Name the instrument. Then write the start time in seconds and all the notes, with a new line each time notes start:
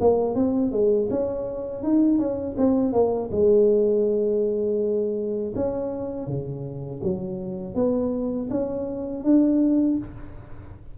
tuba
0.00 A#3
0.35 C4
0.72 G#3
1.10 C#4
1.83 D#4
2.19 C#4
2.57 C4
2.92 A#3
3.31 G#3
5.55 C#4
6.27 C#3
7.03 F#3
7.75 B3
8.50 C#4
9.24 D4